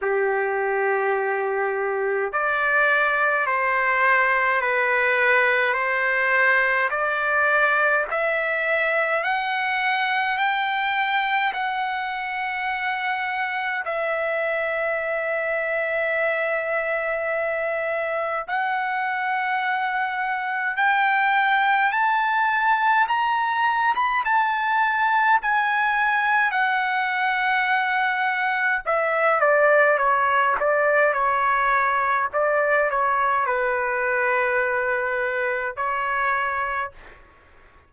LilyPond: \new Staff \with { instrumentName = "trumpet" } { \time 4/4 \tempo 4 = 52 g'2 d''4 c''4 | b'4 c''4 d''4 e''4 | fis''4 g''4 fis''2 | e''1 |
fis''2 g''4 a''4 | ais''8. b''16 a''4 gis''4 fis''4~ | fis''4 e''8 d''8 cis''8 d''8 cis''4 | d''8 cis''8 b'2 cis''4 | }